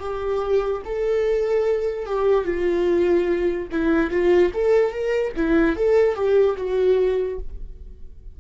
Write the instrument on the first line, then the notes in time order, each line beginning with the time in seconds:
viola
0.00 G4
0.85 A4
2.06 G4
2.45 F4
3.72 E4
4.11 F4
4.54 A4
4.91 A#4
5.36 E4
5.76 A4
6.15 G4
6.57 F#4